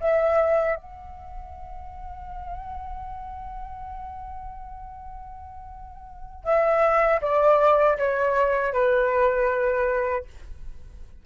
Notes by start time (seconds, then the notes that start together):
0.00 E5
0.76 F#5
6.44 E5
7.21 D5
7.97 C#5
8.73 B4